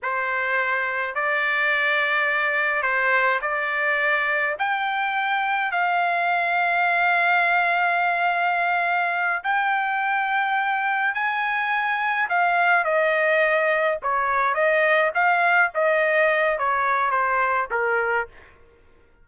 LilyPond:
\new Staff \with { instrumentName = "trumpet" } { \time 4/4 \tempo 4 = 105 c''2 d''2~ | d''4 c''4 d''2 | g''2 f''2~ | f''1~ |
f''8 g''2. gis''8~ | gis''4. f''4 dis''4.~ | dis''8 cis''4 dis''4 f''4 dis''8~ | dis''4 cis''4 c''4 ais'4 | }